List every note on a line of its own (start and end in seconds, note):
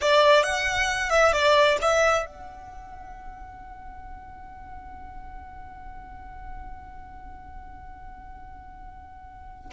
0.01 0.43 D5
0.43 1.10 F#5
1.10 1.32 E5
1.32 1.77 D5
1.81 2.26 E5
2.26 9.70 F#5